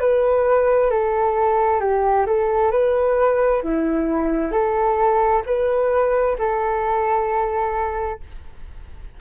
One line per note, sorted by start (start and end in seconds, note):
0.00 0.90 B4
0.90 1.80 A4
1.80 2.26 G4
2.26 2.71 A4
2.71 3.62 B4
3.63 4.52 E4
4.52 5.43 A4
5.46 6.37 B4
6.38 8.20 A4